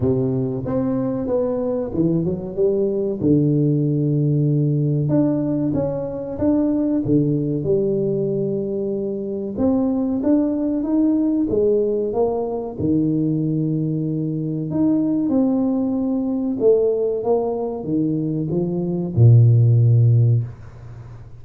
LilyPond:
\new Staff \with { instrumentName = "tuba" } { \time 4/4 \tempo 4 = 94 c4 c'4 b4 e8 fis8 | g4 d2. | d'4 cis'4 d'4 d4 | g2. c'4 |
d'4 dis'4 gis4 ais4 | dis2. dis'4 | c'2 a4 ais4 | dis4 f4 ais,2 | }